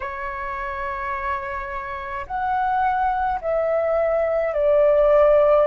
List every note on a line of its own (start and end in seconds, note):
0.00 2.26 C#5
2.26 3.40 F#5
3.41 4.53 E5
4.53 5.67 D5